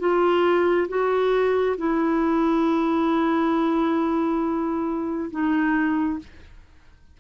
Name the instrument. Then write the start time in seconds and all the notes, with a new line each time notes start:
clarinet
0.00 F4
0.89 F#4
1.78 E4
5.31 D#4